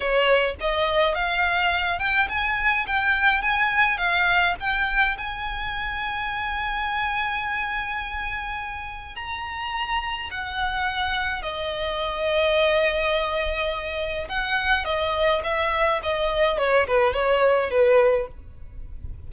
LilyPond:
\new Staff \with { instrumentName = "violin" } { \time 4/4 \tempo 4 = 105 cis''4 dis''4 f''4. g''8 | gis''4 g''4 gis''4 f''4 | g''4 gis''2.~ | gis''1 |
ais''2 fis''2 | dis''1~ | dis''4 fis''4 dis''4 e''4 | dis''4 cis''8 b'8 cis''4 b'4 | }